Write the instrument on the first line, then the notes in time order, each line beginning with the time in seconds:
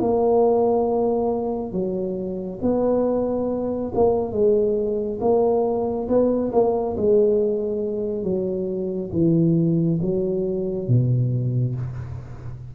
tuba
0.00 A#3
1.72 F#3
2.62 B3
3.94 A#3
4.32 G#3
5.21 A#3
6.08 B3
6.52 A#3
6.97 G#3
8.23 F#3
9.12 E3
10.02 F#3
10.88 B2